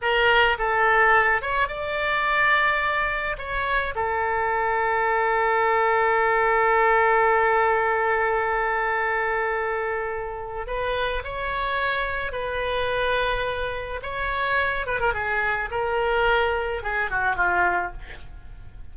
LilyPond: \new Staff \with { instrumentName = "oboe" } { \time 4/4 \tempo 4 = 107 ais'4 a'4. cis''8 d''4~ | d''2 cis''4 a'4~ | a'1~ | a'1~ |
a'2. b'4 | cis''2 b'2~ | b'4 cis''4. b'16 ais'16 gis'4 | ais'2 gis'8 fis'8 f'4 | }